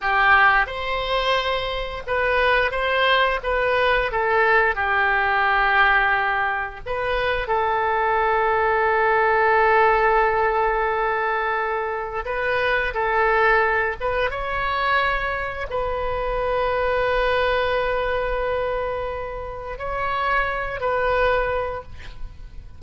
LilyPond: \new Staff \with { instrumentName = "oboe" } { \time 4/4 \tempo 4 = 88 g'4 c''2 b'4 | c''4 b'4 a'4 g'4~ | g'2 b'4 a'4~ | a'1~ |
a'2 b'4 a'4~ | a'8 b'8 cis''2 b'4~ | b'1~ | b'4 cis''4. b'4. | }